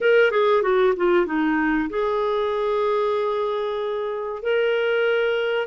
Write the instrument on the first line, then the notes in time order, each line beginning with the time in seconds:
clarinet
0.00 A#4
0.31 G#4
0.62 F#4
0.96 F4
1.25 D#4
1.89 G#4
4.42 A#4